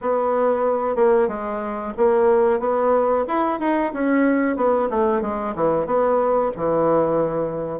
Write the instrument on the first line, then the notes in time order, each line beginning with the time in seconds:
bassoon
0.01 B3
0.95 A#3
1.28 G#3
1.97 A#3
2.59 B3
3.27 E4
3.59 D#4
3.93 C#4
4.56 B3
4.89 A3
5.21 G#3
5.55 E3
5.86 B3
6.56 E3